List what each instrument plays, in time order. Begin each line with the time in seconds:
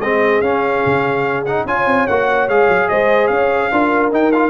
0.00 tuba G#3, trombone C4, horn G#4, trumpet D#5
0.41 tuba C#4, trombone C#4, trumpet F5
0.86 tuba C#3
1.46 trombone D#4, trumpet F#5
1.65 tuba C#4, trombone F4, horn C#5, trumpet G#5
1.86 tuba C4
2.07 tuba A#3, trombone F#4, trumpet F#5
2.48 tuba G#3, trombone G#4, trumpet F5
2.68 tuba F#3
2.89 tuba G#3, horn C5, trumpet D#5
3.27 tuba C#4, horn C#5, trumpet F5
3.72 tuba D4, trombone F4, horn A#4
4.11 tuba D#4, trombone D#4, trumpet G5
4.32 trombone F4, trumpet F5